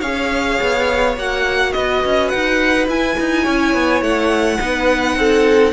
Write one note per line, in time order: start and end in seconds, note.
0.00 0.59 C#4
0.00 1.17 G#4
0.00 1.71 C#5
0.00 1.15 F5
0.61 1.16 B3
1.16 1.74 A#3
1.16 2.89 F#4
1.16 1.72 F#5
1.72 2.04 B3
1.72 3.43 B4
1.72 2.29 D#5
2.04 2.33 C#4
2.29 2.88 D#4
2.29 2.86 F#5
2.88 3.16 E4
2.88 4.60 E4
2.88 4.03 G#5
3.20 3.46 D#4
3.43 3.74 C#4
3.43 4.57 C#5
3.74 4.02 B3
4.02 4.59 A3
4.02 5.73 F#5
4.60 5.16 B3
4.60 5.73 D#4
4.60 5.18 B4
5.16 5.73 C4
5.16 5.73 A4